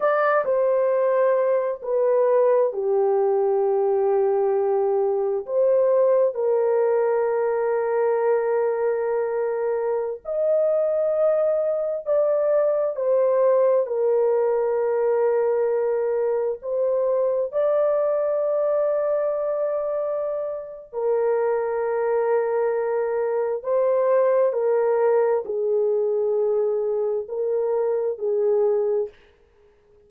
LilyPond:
\new Staff \with { instrumentName = "horn" } { \time 4/4 \tempo 4 = 66 d''8 c''4. b'4 g'4~ | g'2 c''4 ais'4~ | ais'2.~ ais'16 dis''8.~ | dis''4~ dis''16 d''4 c''4 ais'8.~ |
ais'2~ ais'16 c''4 d''8.~ | d''2. ais'4~ | ais'2 c''4 ais'4 | gis'2 ais'4 gis'4 | }